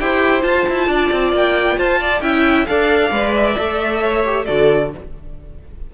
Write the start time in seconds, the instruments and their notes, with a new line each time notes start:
0.00 cello E4, viola G4, violin C5 G5
0.40 viola F4, cello F4, violin A5
0.69 cello E4
0.87 cello D4, violin D5
1.12 cello C4
1.32 cello A#3, violin G5
1.77 cello F4, violin C5 A5
2.00 violin D5
2.21 cello C#4, viola E4, violin E5 G5
2.66 cello D4, viola A4, violin D5 F5
3.11 cello G#3, viola B4
3.35 violin E5
3.57 cello A3, viola A4
4.00 violin C#5
4.25 viola G4
4.45 cello D3, viola F#4, violin A4 D5